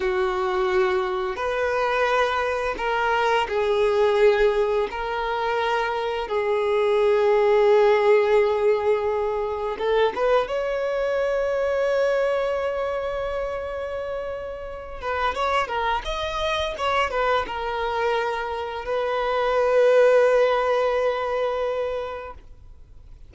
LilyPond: \new Staff \with { instrumentName = "violin" } { \time 4/4 \tempo 4 = 86 fis'2 b'2 | ais'4 gis'2 ais'4~ | ais'4 gis'2.~ | gis'2 a'8 b'8 cis''4~ |
cis''1~ | cis''4. b'8 cis''8 ais'8 dis''4 | cis''8 b'8 ais'2 b'4~ | b'1 | }